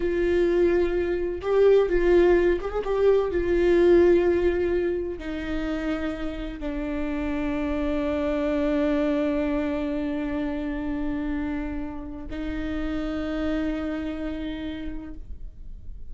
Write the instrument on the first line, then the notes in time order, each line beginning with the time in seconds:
viola
0.00 F4
1.41 G4
1.89 F4
2.60 G4
2.71 G#4
2.84 G4
3.31 F4
5.18 D#4
6.59 D4
12.30 D#4